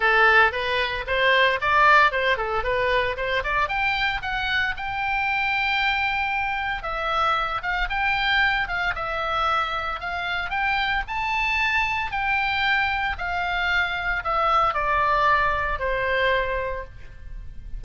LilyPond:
\new Staff \with { instrumentName = "oboe" } { \time 4/4 \tempo 4 = 114 a'4 b'4 c''4 d''4 | c''8 a'8 b'4 c''8 d''8 g''4 | fis''4 g''2.~ | g''4 e''4. f''8 g''4~ |
g''8 f''8 e''2 f''4 | g''4 a''2 g''4~ | g''4 f''2 e''4 | d''2 c''2 | }